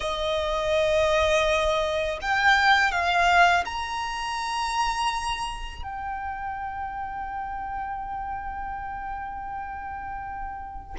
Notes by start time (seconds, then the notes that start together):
0.00 D#5
2.21 G5
2.91 F5
3.65 A#5
5.82 G5